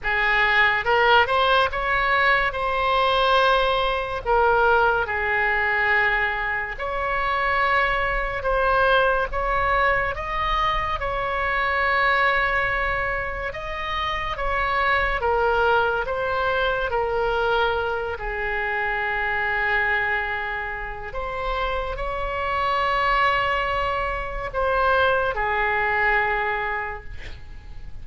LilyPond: \new Staff \with { instrumentName = "oboe" } { \time 4/4 \tempo 4 = 71 gis'4 ais'8 c''8 cis''4 c''4~ | c''4 ais'4 gis'2 | cis''2 c''4 cis''4 | dis''4 cis''2. |
dis''4 cis''4 ais'4 c''4 | ais'4. gis'2~ gis'8~ | gis'4 c''4 cis''2~ | cis''4 c''4 gis'2 | }